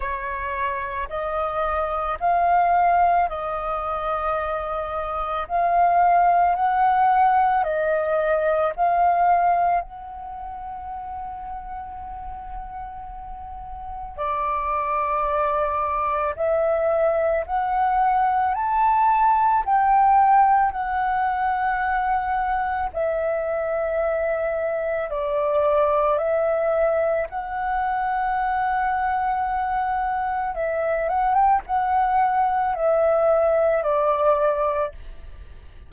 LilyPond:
\new Staff \with { instrumentName = "flute" } { \time 4/4 \tempo 4 = 55 cis''4 dis''4 f''4 dis''4~ | dis''4 f''4 fis''4 dis''4 | f''4 fis''2.~ | fis''4 d''2 e''4 |
fis''4 a''4 g''4 fis''4~ | fis''4 e''2 d''4 | e''4 fis''2. | e''8 fis''16 g''16 fis''4 e''4 d''4 | }